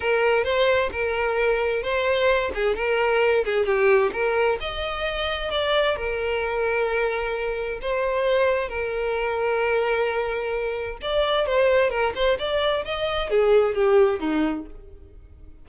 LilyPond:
\new Staff \with { instrumentName = "violin" } { \time 4/4 \tempo 4 = 131 ais'4 c''4 ais'2 | c''4. gis'8 ais'4. gis'8 | g'4 ais'4 dis''2 | d''4 ais'2.~ |
ais'4 c''2 ais'4~ | ais'1 | d''4 c''4 ais'8 c''8 d''4 | dis''4 gis'4 g'4 dis'4 | }